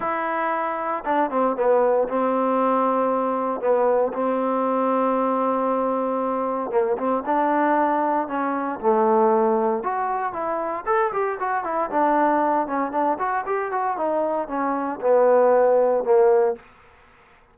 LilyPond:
\new Staff \with { instrumentName = "trombone" } { \time 4/4 \tempo 4 = 116 e'2 d'8 c'8 b4 | c'2. b4 | c'1~ | c'4 ais8 c'8 d'2 |
cis'4 a2 fis'4 | e'4 a'8 g'8 fis'8 e'8 d'4~ | d'8 cis'8 d'8 fis'8 g'8 fis'8 dis'4 | cis'4 b2 ais4 | }